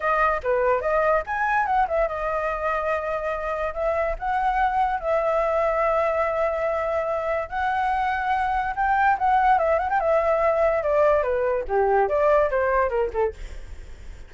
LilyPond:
\new Staff \with { instrumentName = "flute" } { \time 4/4 \tempo 4 = 144 dis''4 b'4 dis''4 gis''4 | fis''8 e''8 dis''2.~ | dis''4 e''4 fis''2 | e''1~ |
e''2 fis''2~ | fis''4 g''4 fis''4 e''8 fis''16 g''16 | e''2 d''4 b'4 | g'4 d''4 c''4 ais'8 a'8 | }